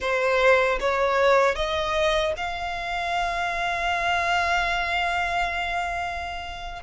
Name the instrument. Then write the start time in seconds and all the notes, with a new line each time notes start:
violin
0.00 C5
0.80 C#5
1.55 D#5
2.36 F5